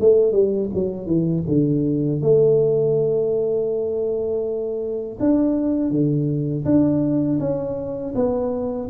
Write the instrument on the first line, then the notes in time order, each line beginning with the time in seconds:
tuba
0.00 A3
0.32 G3
0.74 F#3
1.06 E3
1.47 D3
2.22 A3
5.20 D4
5.91 D3
6.65 D4
7.40 C#4
8.15 B3